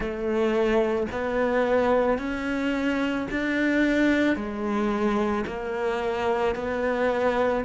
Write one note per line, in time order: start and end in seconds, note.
0.00 1.07 A3
1.12 2.18 B3
2.18 3.27 C#4
3.30 4.35 D4
4.35 5.44 G#3
5.46 6.55 A#3
6.55 7.64 B3